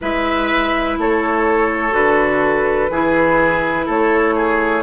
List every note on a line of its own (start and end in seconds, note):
0.01 0.98 G#3
0.01 1.91 E4
0.01 0.98 B4
0.01 0.98 E5
0.98 1.93 A3
0.98 2.91 A4
0.98 1.95 C#5
1.91 2.89 D3
1.91 2.88 F#4
1.91 3.88 B4
2.89 3.86 E3
2.89 4.82 E4
2.89 3.85 G#4
3.85 4.82 A3
3.85 4.34 A4
3.85 4.82 C#5
4.35 4.82 G#4